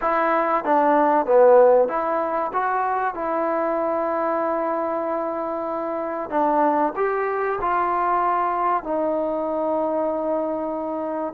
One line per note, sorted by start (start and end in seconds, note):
0.01 0.64 E4
0.64 1.26 D4
1.26 1.88 B3
1.88 2.51 E4
2.53 3.14 F#4
3.14 6.30 E4
6.30 6.93 D4
6.96 7.59 G4
7.61 8.83 F4
8.83 11.33 D#4